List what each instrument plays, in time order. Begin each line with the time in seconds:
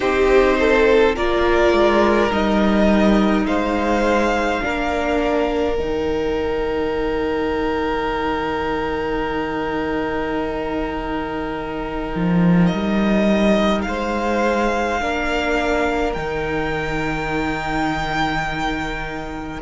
0.00 cello C4, viola D#4, violin G4 C5
0.59 violin A4
1.15 cello A#3, viola F4, violin A#4 D5
1.72 cello G#3
2.31 cello G3, viola D#4, violin D#5
3.44 cello G#3, violin C5 F5
4.61 cello A#3, viola D4, violin A#4
5.75 cello D#3, viola D#4, violin G5
12.15 cello F3
12.66 violin D#5
12.72 cello G3
13.81 cello G#3, violin C5 F5
15.00 cello A#3, viola D4, violin A#4
16.13 cello D#3, viola D#4, violin G5